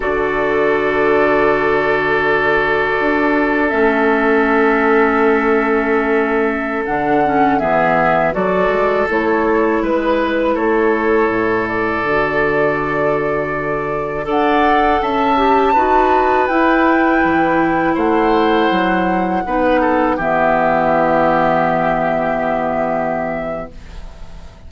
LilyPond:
<<
  \new Staff \with { instrumentName = "flute" } { \time 4/4 \tempo 4 = 81 d''1~ | d''4 e''2.~ | e''4~ e''16 fis''4 e''4 d''8.~ | d''16 cis''4 b'4 cis''4. d''16~ |
d''2.~ d''16 fis''8.~ | fis''16 a''2 g''4.~ g''16~ | g''16 fis''2. e''8.~ | e''1 | }
  \new Staff \with { instrumentName = "oboe" } { \time 4/4 a'1~ | a'1~ | a'2~ a'16 gis'4 a'8.~ | a'4~ a'16 b'4 a'4.~ a'16~ |
a'2.~ a'16 d''8.~ | d''16 e''4 b'2~ b'8.~ | b'16 c''2 b'8 a'8 g'8.~ | g'1 | }
  \new Staff \with { instrumentName = "clarinet" } { \time 4/4 fis'1~ | fis'4 cis'2.~ | cis'4~ cis'16 d'8 cis'8 b4 fis'8.~ | fis'16 e'2.~ e'8.~ |
e'16 fis'2. a'8.~ | a'8. g'8 fis'4 e'4.~ e'16~ | e'2~ e'16 dis'4 b8.~ | b1 | }
  \new Staff \with { instrumentName = "bassoon" } { \time 4/4 d1 | d'4 a2.~ | a4~ a16 d4 e4 fis8 gis16~ | gis16 a4 gis4 a4 a,8.~ |
a,16 d2. d'8.~ | d'16 cis'4 dis'4 e'4 e8.~ | e16 a4 fis4 b4 e8.~ | e1 | }
>>